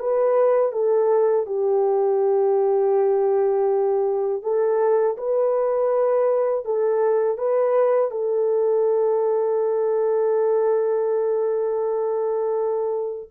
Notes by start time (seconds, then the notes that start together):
0.00 B4
0.73 A4
1.47 G4
4.43 A4
5.18 B4
6.65 A4
7.38 B4
8.11 A4